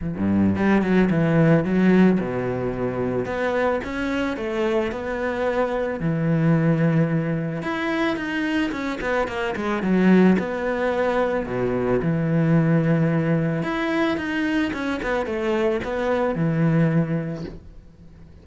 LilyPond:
\new Staff \with { instrumentName = "cello" } { \time 4/4 \tempo 4 = 110 e16 g,8. g8 fis8 e4 fis4 | b,2 b4 cis'4 | a4 b2 e4~ | e2 e'4 dis'4 |
cis'8 b8 ais8 gis8 fis4 b4~ | b4 b,4 e2~ | e4 e'4 dis'4 cis'8 b8 | a4 b4 e2 | }